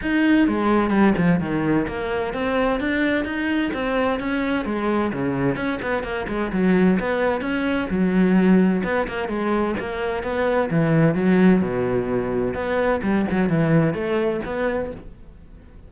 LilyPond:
\new Staff \with { instrumentName = "cello" } { \time 4/4 \tempo 4 = 129 dis'4 gis4 g8 f8 dis4 | ais4 c'4 d'4 dis'4 | c'4 cis'4 gis4 cis4 | cis'8 b8 ais8 gis8 fis4 b4 |
cis'4 fis2 b8 ais8 | gis4 ais4 b4 e4 | fis4 b,2 b4 | g8 fis8 e4 a4 b4 | }